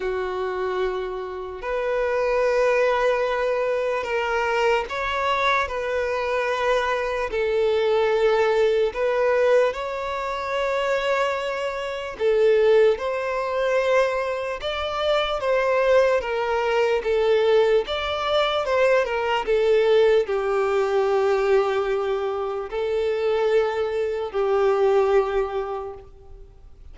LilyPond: \new Staff \with { instrumentName = "violin" } { \time 4/4 \tempo 4 = 74 fis'2 b'2~ | b'4 ais'4 cis''4 b'4~ | b'4 a'2 b'4 | cis''2. a'4 |
c''2 d''4 c''4 | ais'4 a'4 d''4 c''8 ais'8 | a'4 g'2. | a'2 g'2 | }